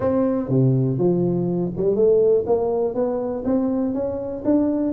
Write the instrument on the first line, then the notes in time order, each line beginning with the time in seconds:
tuba
0.00 C4
0.48 C3
0.97 F3
1.76 G3
1.95 A3
2.46 A#3
2.94 B3
3.44 C4
3.93 C#4
4.45 D4